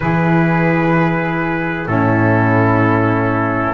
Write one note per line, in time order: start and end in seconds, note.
0.00 1.86 E3
0.00 1.86 E4
0.00 1.88 G#4
0.00 1.87 B4
1.86 3.73 A2
1.86 3.73 C#4
1.86 3.73 E4
1.86 3.73 A4